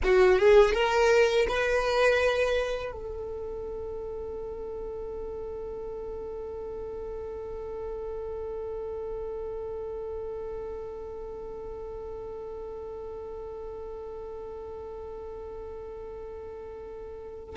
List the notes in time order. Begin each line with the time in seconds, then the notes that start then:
0.03 F#4
0.38 G#4
0.73 A#4
1.48 B4
2.91 A4